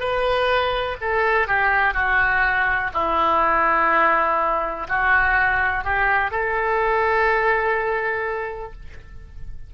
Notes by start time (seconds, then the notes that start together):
0.00 B4
1.01 A4
1.47 G4
1.94 F#4
2.94 E4
4.88 F#4
5.84 G4
6.31 A4